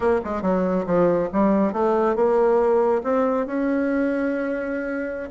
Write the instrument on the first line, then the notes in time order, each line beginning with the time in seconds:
bassoon
0.00 A#3
0.24 G#3
0.42 F#3
0.85 F3
1.32 G3
1.72 A3
2.15 A#3
3.03 C4
3.46 C#4